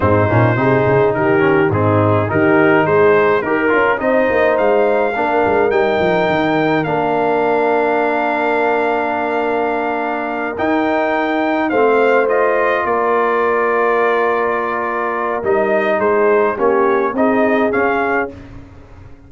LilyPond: <<
  \new Staff \with { instrumentName = "trumpet" } { \time 4/4 \tempo 4 = 105 c''2 ais'4 gis'4 | ais'4 c''4 ais'4 dis''4 | f''2 g''2 | f''1~ |
f''2~ f''8 g''4.~ | g''8 f''4 dis''4 d''4.~ | d''2. dis''4 | c''4 cis''4 dis''4 f''4 | }
  \new Staff \with { instrumentName = "horn" } { \time 4/4 dis'4 gis'4 g'4 dis'4 | g'4 gis'4 ais'4 c''4~ | c''4 ais'2.~ | ais'1~ |
ais'1~ | ais'8 c''2 ais'4.~ | ais'1 | gis'4 g'4 gis'2 | }
  \new Staff \with { instrumentName = "trombone" } { \time 4/4 c'8 cis'8 dis'4. cis'8 c'4 | dis'2 g'8 f'8 dis'4~ | dis'4 d'4 dis'2 | d'1~ |
d'2~ d'8 dis'4.~ | dis'8 c'4 f'2~ f'8~ | f'2. dis'4~ | dis'4 cis'4 dis'4 cis'4 | }
  \new Staff \with { instrumentName = "tuba" } { \time 4/4 gis,8 ais,8 c8 cis8 dis4 gis,4 | dis4 gis4 dis'8 cis'8 c'8 ais8 | gis4 ais8 gis8 g8 f8 dis4 | ais1~ |
ais2~ ais8 dis'4.~ | dis'8 a2 ais4.~ | ais2. g4 | gis4 ais4 c'4 cis'4 | }
>>